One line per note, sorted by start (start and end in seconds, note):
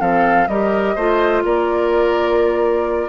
0.00 0.48 F3
0.00 0.48 C4
0.00 0.48 A4
0.00 0.48 F5
0.48 0.96 G3
0.48 0.98 G4
0.48 0.95 A#4
0.48 1.43 D#5
0.95 1.44 A3
0.95 3.09 F4
0.95 1.43 C5
1.44 3.09 A#3
1.44 3.09 A#4
1.44 3.09 D5